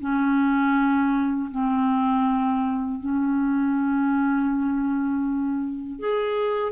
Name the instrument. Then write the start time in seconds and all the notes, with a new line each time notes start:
clarinet
0.00 C#4
1.51 C4
3.00 C#4
6.00 G#4